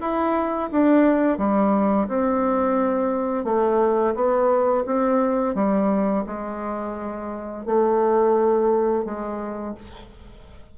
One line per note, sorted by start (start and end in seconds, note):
0.00 0.70 E4
0.71 1.38 D4
1.38 2.07 G3
2.08 3.44 C4
3.44 4.14 A3
4.15 4.85 B3
4.86 5.55 C4
5.55 6.24 G3
6.26 7.66 G#3
7.66 9.05 A3
9.05 9.75 G#3